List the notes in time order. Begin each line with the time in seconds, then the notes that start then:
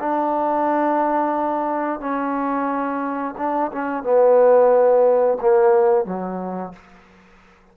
0.00 D4
2.00 C#4
3.38 D4
3.73 C#4
4.04 B3
5.41 A#3
6.06 F#3